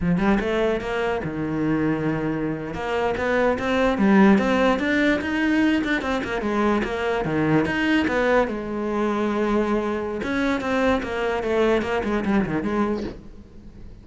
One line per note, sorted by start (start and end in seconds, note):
0.01 0.17 F3
0.17 0.38 G3
0.40 0.80 A3
0.80 1.21 A#3
1.24 2.74 D#3
2.74 3.14 A#3
3.17 3.58 B3
3.58 3.98 C4
3.98 4.38 G3
4.38 4.79 C4
4.79 5.20 D4
5.21 5.82 D#4
5.83 6.01 D4
6.01 6.22 C4
6.24 6.41 A#3
6.41 6.82 G#3
6.83 7.24 A#3
7.24 7.65 D#3
7.65 8.06 D#4
8.07 8.47 B3
8.47 10.21 G#3
10.23 10.60 C#4
10.60 11.01 C4
11.02 11.43 A#3
11.43 11.82 A3
11.82 12.02 A#3
12.04 12.24 G#3
12.25 12.45 G3
12.46 12.62 D#3
12.62 13.03 G#3